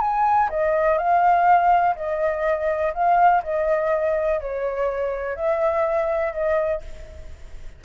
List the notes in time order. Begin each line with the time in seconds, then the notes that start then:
0.00 G#5
0.49 D#5
0.97 F5
1.95 D#5
2.93 F5
3.43 D#5
4.40 C#5
5.35 E5
6.32 D#5